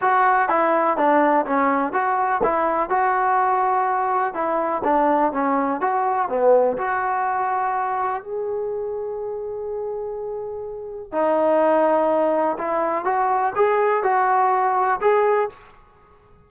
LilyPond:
\new Staff \with { instrumentName = "trombone" } { \time 4/4 \tempo 4 = 124 fis'4 e'4 d'4 cis'4 | fis'4 e'4 fis'2~ | fis'4 e'4 d'4 cis'4 | fis'4 b4 fis'2~ |
fis'4 gis'2.~ | gis'2. dis'4~ | dis'2 e'4 fis'4 | gis'4 fis'2 gis'4 | }